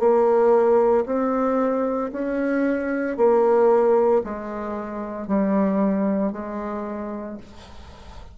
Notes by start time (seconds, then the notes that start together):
0.00 A#3
1.06 C4
2.13 C#4
3.17 A#3
4.24 G#3
5.28 G3
6.33 G#3